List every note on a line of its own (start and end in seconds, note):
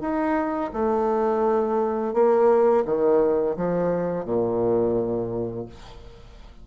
0.00 0.71 D#4
0.73 2.13 A3
2.13 2.84 A#3
2.85 3.56 D#3
3.56 4.24 F3
4.24 5.66 A#2